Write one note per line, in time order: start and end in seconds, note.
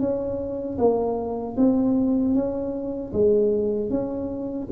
0.00 0.78 C#4
0.78 1.56 A#3
1.57 2.34 C4
2.34 3.12 C#4
3.13 3.90 G#3
3.90 4.68 C#4